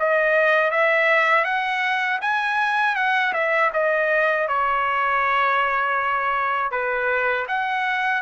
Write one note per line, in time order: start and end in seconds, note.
0.00 0.71 D#5
0.71 1.45 E5
1.45 2.20 F#5
2.22 2.96 G#5
2.96 3.33 F#5
3.34 3.71 E5
3.74 4.49 D#5
4.49 6.72 C#5
6.72 7.47 B4
7.49 8.23 F#5